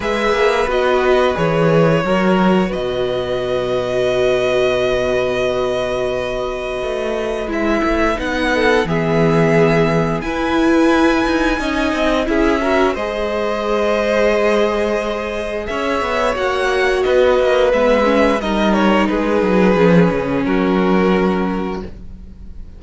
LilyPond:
<<
  \new Staff \with { instrumentName = "violin" } { \time 4/4 \tempo 4 = 88 e''4 dis''4 cis''2 | dis''1~ | dis''2. e''4 | fis''4 e''2 gis''4~ |
gis''2 e''4 dis''4~ | dis''2. e''4 | fis''4 dis''4 e''4 dis''8 cis''8 | b'2 ais'2 | }
  \new Staff \with { instrumentName = "violin" } { \time 4/4 b'2. ais'4 | b'1~ | b'1~ | b'8 a'8 gis'2 b'4~ |
b'4 dis''4 gis'8 ais'8 c''4~ | c''2. cis''4~ | cis''4 b'2 ais'4 | gis'2 fis'2 | }
  \new Staff \with { instrumentName = "viola" } { \time 4/4 gis'4 fis'4 gis'4 fis'4~ | fis'1~ | fis'2. e'4 | dis'4 b2 e'4~ |
e'4 dis'4 e'8 fis'8 gis'4~ | gis'1 | fis'2 b8 cis'8 dis'4~ | dis'4 cis'2. | }
  \new Staff \with { instrumentName = "cello" } { \time 4/4 gis8 ais8 b4 e4 fis4 | b,1~ | b,2 a4 gis8 a8 | b4 e2 e'4~ |
e'8 dis'8 cis'8 c'8 cis'4 gis4~ | gis2. cis'8 b8 | ais4 b8 ais8 gis4 g4 | gis8 fis8 f8 cis8 fis2 | }
>>